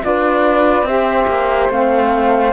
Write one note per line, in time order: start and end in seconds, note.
0.00 0.82 D4
0.00 0.85 F4
0.00 0.87 B4
0.00 0.86 D5
0.82 1.24 C4
0.82 1.71 G4
0.82 2.53 C5
0.82 1.71 E5
1.27 1.69 A#3
1.69 2.53 A3
1.69 2.53 C4
1.69 2.53 F5